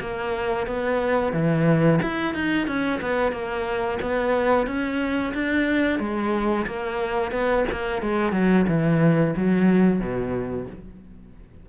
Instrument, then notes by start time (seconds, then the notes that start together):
cello
0.00 A#3
0.67 B3
1.33 E3
2.02 E4
2.34 D#4
2.67 C#4
3.01 B3
3.32 A#3
4.02 B3
4.66 C#4
5.34 D4
5.99 G#3
6.66 A#3
7.31 B3
7.72 A#3
8.02 G#3
8.32 F#3
8.68 E3
9.36 F#3
10.00 B2